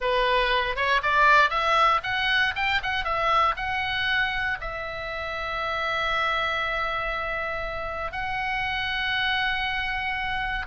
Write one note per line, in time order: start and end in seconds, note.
0.00 0.76 B4
0.76 1.01 C#5
1.02 1.50 D5
1.50 2.01 E5
2.03 2.54 F#5
2.55 2.81 G5
2.82 3.04 F#5
3.04 3.55 E5
3.56 4.58 F#5
4.60 8.12 E5
8.12 10.66 F#5